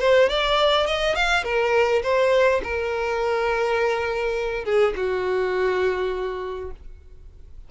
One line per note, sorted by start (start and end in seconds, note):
0.00 0.29 C5
0.29 0.87 D5
0.87 1.16 D#5
1.16 1.44 F5
1.44 2.02 A#4
2.03 2.62 C5
2.63 4.65 A#4
4.65 4.94 G#4
4.96 6.71 F#4